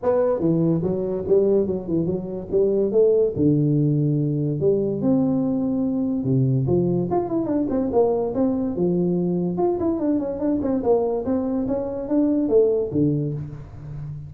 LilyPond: \new Staff \with { instrumentName = "tuba" } { \time 4/4 \tempo 4 = 144 b4 e4 fis4 g4 | fis8 e8 fis4 g4 a4 | d2. g4 | c'2. c4 |
f4 f'8 e'8 d'8 c'8 ais4 | c'4 f2 f'8 e'8 | d'8 cis'8 d'8 c'8 ais4 c'4 | cis'4 d'4 a4 d4 | }